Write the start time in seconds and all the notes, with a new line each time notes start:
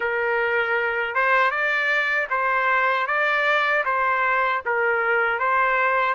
0.00 A#4
1.14 C5
1.50 D5
2.29 C5
3.07 D5
3.85 C5
4.65 A#4
5.38 C5